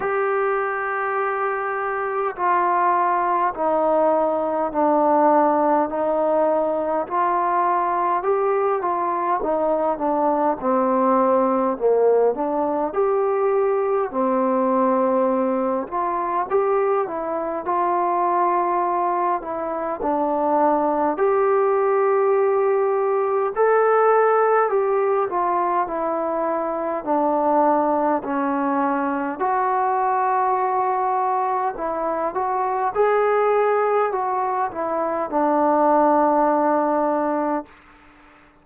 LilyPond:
\new Staff \with { instrumentName = "trombone" } { \time 4/4 \tempo 4 = 51 g'2 f'4 dis'4 | d'4 dis'4 f'4 g'8 f'8 | dis'8 d'8 c'4 ais8 d'8 g'4 | c'4. f'8 g'8 e'8 f'4~ |
f'8 e'8 d'4 g'2 | a'4 g'8 f'8 e'4 d'4 | cis'4 fis'2 e'8 fis'8 | gis'4 fis'8 e'8 d'2 | }